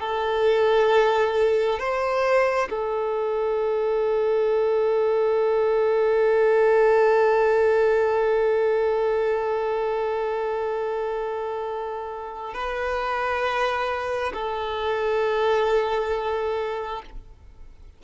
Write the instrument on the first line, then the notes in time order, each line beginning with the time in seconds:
violin
0.00 A4
1.79 C5
2.70 A4
12.54 B4
14.34 A4